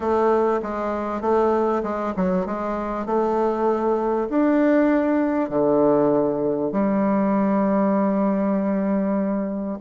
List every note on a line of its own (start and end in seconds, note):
0.00 0.60 A3
0.62 1.21 G#3
1.21 1.82 A3
1.83 2.13 G#3
2.16 2.46 F#3
2.46 3.06 G#3
3.06 4.28 A3
4.29 5.49 D4
5.49 6.72 D3
6.72 9.78 G3